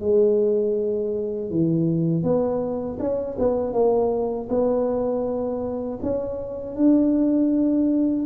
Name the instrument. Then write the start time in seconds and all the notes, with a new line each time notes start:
tuba
0.00 G#3
1.50 E3
2.23 B3
2.99 C#4
3.39 B3
3.73 A#3
4.49 B3
6.02 C#4
6.76 D4